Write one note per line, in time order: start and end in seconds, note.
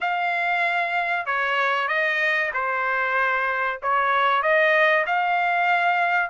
0.00 1.25 F5
1.25 1.88 C#5
1.88 2.51 D#5
2.53 3.80 C5
3.82 4.42 C#5
4.42 5.05 D#5
5.06 6.30 F5